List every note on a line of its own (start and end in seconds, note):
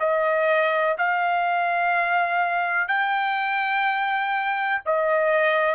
0.00 0.97 D#5
0.99 2.89 F5
2.89 4.82 G5
4.86 5.75 D#5